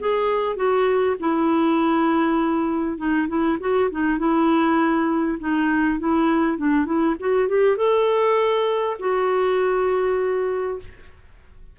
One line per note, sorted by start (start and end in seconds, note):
0.00 0.56 G#4
0.56 1.16 F#4
1.20 2.98 E4
2.98 3.28 D#4
3.28 3.58 E4
3.60 3.90 F#4
3.91 4.19 D#4
4.19 5.39 E4
5.40 6.00 D#4
6.00 6.58 E4
6.58 6.86 D4
6.86 7.16 E4
7.20 7.49 F#4
7.49 7.77 G4
7.77 8.97 A4
8.99 10.79 F#4